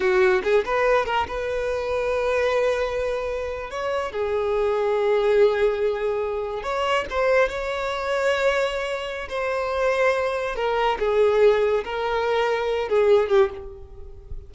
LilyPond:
\new Staff \with { instrumentName = "violin" } { \time 4/4 \tempo 4 = 142 fis'4 gis'8 b'4 ais'8 b'4~ | b'1~ | b'8. cis''4 gis'2~ gis'16~ | gis'2.~ gis'8. cis''16~ |
cis''8. c''4 cis''2~ cis''16~ | cis''2 c''2~ | c''4 ais'4 gis'2 | ais'2~ ais'8 gis'4 g'8 | }